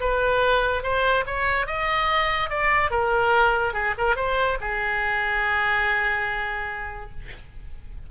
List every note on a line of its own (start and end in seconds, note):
0.00 0.83 B4
0.83 1.25 C5
1.26 1.66 C#5
1.66 2.50 D#5
2.50 2.91 D5
2.91 3.73 A#4
3.73 3.94 G#4
3.98 4.16 A#4
4.16 4.58 C5
4.61 7.11 G#4